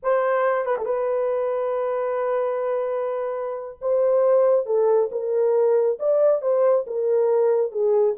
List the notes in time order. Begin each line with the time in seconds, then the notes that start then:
0.02 C5
0.65 B4
0.78 A4
0.85 B4
3.81 C5
4.66 A4
5.11 A#4
5.99 D5
6.41 C5
6.87 A#4
7.71 G#4